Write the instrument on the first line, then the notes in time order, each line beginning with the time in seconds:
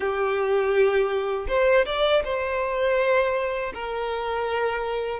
violin
0.00 G4
1.48 C5
1.85 D5
2.24 C5
3.74 A#4